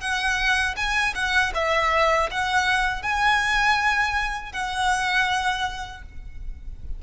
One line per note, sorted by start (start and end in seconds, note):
0.00 0.75 F#5
0.76 1.14 G#5
1.15 1.52 F#5
1.54 2.29 E5
2.30 3.02 F#5
3.02 4.52 G#5
4.52 6.02 F#5